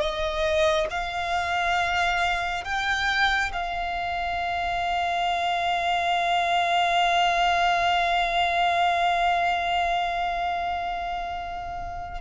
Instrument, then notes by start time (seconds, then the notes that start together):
violin
0.00 D#5
0.90 F5
2.64 G5
3.52 F5